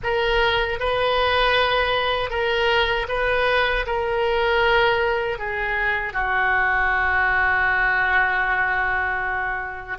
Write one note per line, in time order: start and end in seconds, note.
0.03 0.79 A#4
0.79 2.30 B4
2.30 3.07 A#4
3.08 3.85 B4
3.86 5.38 A#4
5.38 6.13 G#4
6.13 9.98 F#4